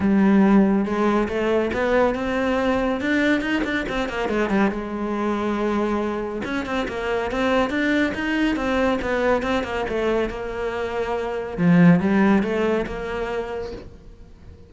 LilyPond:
\new Staff \with { instrumentName = "cello" } { \time 4/4 \tempo 4 = 140 g2 gis4 a4 | b4 c'2 d'4 | dis'8 d'8 c'8 ais8 gis8 g8 gis4~ | gis2. cis'8 c'8 |
ais4 c'4 d'4 dis'4 | c'4 b4 c'8 ais8 a4 | ais2. f4 | g4 a4 ais2 | }